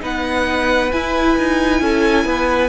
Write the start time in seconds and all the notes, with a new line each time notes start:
0.00 B3 D#4 B4 F#5
0.92 E4 G#5
1.38 D#4
1.81 C#4 A4
2.25 B3 B4